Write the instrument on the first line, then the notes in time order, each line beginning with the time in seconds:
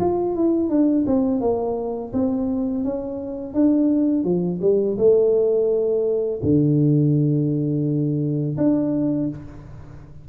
tuba
0.00 F4
0.36 E4
0.69 D4
1.07 C4
1.41 A#3
2.13 C4
2.84 C#4
3.54 D4
4.24 F3
4.62 G3
4.98 A3
6.43 D3
8.57 D4